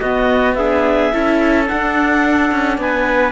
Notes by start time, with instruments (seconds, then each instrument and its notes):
0.00 cello B3, viola B3, trumpet F#4, clarinet D#5
0.54 viola D4, trumpet G#4, clarinet E5
1.13 cello C#4, viola E4, trumpet A4
1.67 viola D4, cello D4, clarinet F#5
2.52 cello C#4
2.78 cello B3, trumpet B4, clarinet G#5